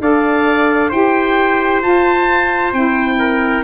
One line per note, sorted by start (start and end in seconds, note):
0.00 0.91 D4
0.00 0.91 A4
0.00 0.89 D5
0.00 0.91 F5
0.89 1.82 E4
0.89 1.82 G4
0.89 3.16 C5
0.89 1.82 G5
1.82 2.73 F4
1.82 2.74 A5
2.73 3.64 C4
2.73 3.64 E4
2.73 3.64 G5
3.19 3.64 A#4